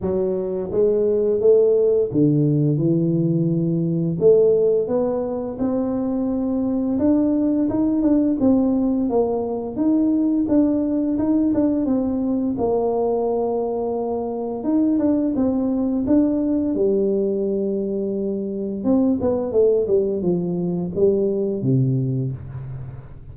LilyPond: \new Staff \with { instrumentName = "tuba" } { \time 4/4 \tempo 4 = 86 fis4 gis4 a4 d4 | e2 a4 b4 | c'2 d'4 dis'8 d'8 | c'4 ais4 dis'4 d'4 |
dis'8 d'8 c'4 ais2~ | ais4 dis'8 d'8 c'4 d'4 | g2. c'8 b8 | a8 g8 f4 g4 c4 | }